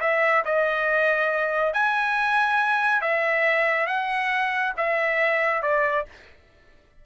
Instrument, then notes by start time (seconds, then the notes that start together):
trumpet
0.00 E5
0.45 D#5
1.73 G#5
3.02 E5
3.87 F#5
4.77 E5
5.62 D5